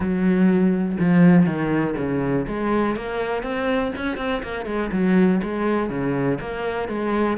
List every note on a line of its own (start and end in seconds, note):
0.00 0.97 F#3
0.99 1.46 F3
1.46 1.95 D#3
1.97 2.46 C#3
2.47 2.96 G#3
2.96 3.42 A#3
3.42 3.92 C4
3.96 4.17 C#4
4.17 4.42 C4
4.42 4.65 A#3
4.65 4.90 G#3
4.92 5.41 F#3
5.42 5.89 G#3
5.89 6.38 C#3
6.40 6.88 A#3
6.88 7.37 G#3